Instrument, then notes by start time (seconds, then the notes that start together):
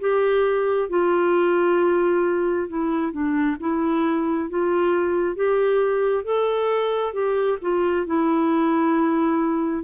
clarinet
0.00 G4
0.89 F4
2.68 E4
3.12 D4
3.60 E4
4.50 F4
5.35 G4
6.24 A4
7.13 G4
7.61 F4
8.06 E4